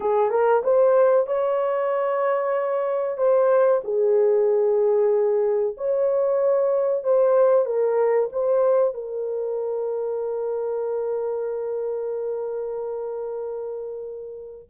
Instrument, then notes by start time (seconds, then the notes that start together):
horn
0.00 G#4
0.30 A#4
0.63 C5
1.26 C#5
3.17 C5
3.84 G#4
5.77 C#5
7.03 C5
7.65 A#4
8.32 C5
8.94 A#4